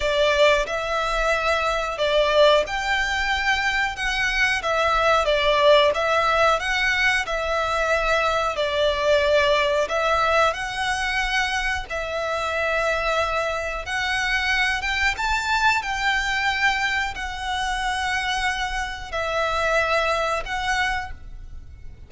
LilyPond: \new Staff \with { instrumentName = "violin" } { \time 4/4 \tempo 4 = 91 d''4 e''2 d''4 | g''2 fis''4 e''4 | d''4 e''4 fis''4 e''4~ | e''4 d''2 e''4 |
fis''2 e''2~ | e''4 fis''4. g''8 a''4 | g''2 fis''2~ | fis''4 e''2 fis''4 | }